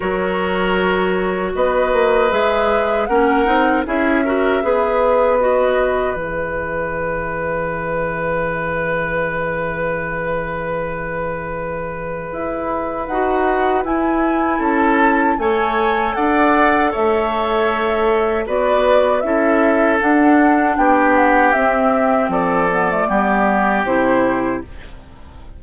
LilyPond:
<<
  \new Staff \with { instrumentName = "flute" } { \time 4/4 \tempo 4 = 78 cis''2 dis''4 e''4 | fis''4 e''2 dis''4 | e''1~ | e''1~ |
e''4 fis''4 gis''4 a''4 | gis''4 fis''4 e''2 | d''4 e''4 fis''4 g''8 fis''8 | e''4 d''2 c''4 | }
  \new Staff \with { instrumentName = "oboe" } { \time 4/4 ais'2 b'2 | ais'4 gis'8 ais'8 b'2~ | b'1~ | b'1~ |
b'2. a'4 | cis''4 d''4 cis''2 | b'4 a'2 g'4~ | g'4 a'4 g'2 | }
  \new Staff \with { instrumentName = "clarinet" } { \time 4/4 fis'2. gis'4 | cis'8 dis'8 e'8 fis'8 gis'4 fis'4 | gis'1~ | gis'1~ |
gis'4 fis'4 e'2 | a'1 | fis'4 e'4 d'2 | c'4. b16 a16 b4 e'4 | }
  \new Staff \with { instrumentName = "bassoon" } { \time 4/4 fis2 b8 ais8 gis4 | ais8 c'8 cis'4 b2 | e1~ | e1 |
e'4 dis'4 e'4 cis'4 | a4 d'4 a2 | b4 cis'4 d'4 b4 | c'4 f4 g4 c4 | }
>>